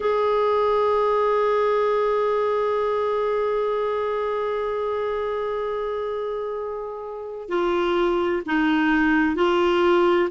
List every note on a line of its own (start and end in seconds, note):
0.00 7.48 G#4
7.48 8.42 F4
8.46 9.35 D#4
9.35 10.29 F4